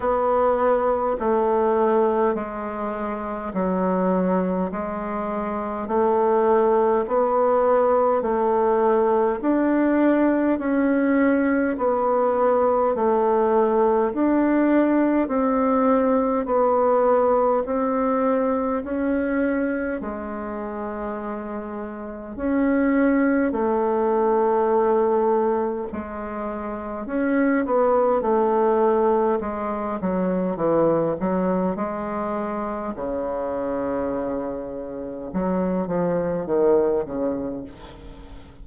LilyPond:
\new Staff \with { instrumentName = "bassoon" } { \time 4/4 \tempo 4 = 51 b4 a4 gis4 fis4 | gis4 a4 b4 a4 | d'4 cis'4 b4 a4 | d'4 c'4 b4 c'4 |
cis'4 gis2 cis'4 | a2 gis4 cis'8 b8 | a4 gis8 fis8 e8 fis8 gis4 | cis2 fis8 f8 dis8 cis8 | }